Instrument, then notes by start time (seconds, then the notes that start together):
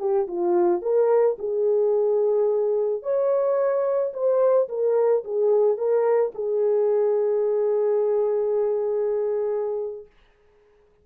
horn
0.00 G4
0.28 F4
0.82 A#4
1.39 G#4
3.03 C#5
4.14 C5
4.69 A#4
5.25 G#4
5.78 A#4
6.35 G#4